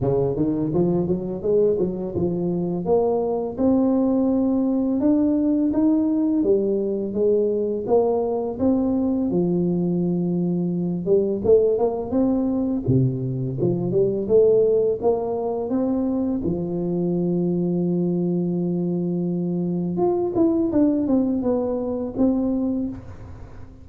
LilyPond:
\new Staff \with { instrumentName = "tuba" } { \time 4/4 \tempo 4 = 84 cis8 dis8 f8 fis8 gis8 fis8 f4 | ais4 c'2 d'4 | dis'4 g4 gis4 ais4 | c'4 f2~ f8 g8 |
a8 ais8 c'4 c4 f8 g8 | a4 ais4 c'4 f4~ | f1 | f'8 e'8 d'8 c'8 b4 c'4 | }